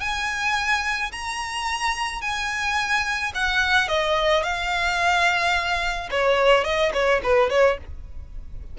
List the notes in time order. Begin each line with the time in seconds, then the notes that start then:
0.00 G#5
1.12 A#5
2.21 G#5
3.35 F#5
3.88 D#5
4.43 F5
6.10 C#5
6.64 D#5
6.93 C#5
7.23 B4
7.50 C#5